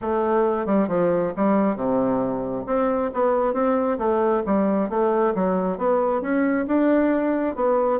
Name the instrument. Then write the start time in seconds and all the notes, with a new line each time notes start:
bassoon
0.01 A3
0.65 G3
0.88 F3
1.36 G3
1.76 C3
2.66 C4
3.13 B3
3.53 C4
3.98 A3
4.46 G3
4.89 A3
5.34 F#3
5.78 B3
6.21 C#4
6.67 D4
7.55 B3